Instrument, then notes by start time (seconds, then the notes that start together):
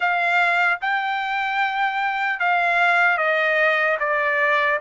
trumpet
0.00 F5
0.81 G5
2.39 F5
3.17 D#5
3.99 D5